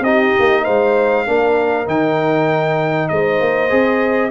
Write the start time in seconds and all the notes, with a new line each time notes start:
0.00 C4 D#4 G4 D#5
0.39 A#3
0.63 G#3 C5 F5
1.26 A#3 D4 A#4
1.86 D#3 D#4 G5
3.08 G#3 C5 D#5
3.40 A#3
3.69 C4 G#4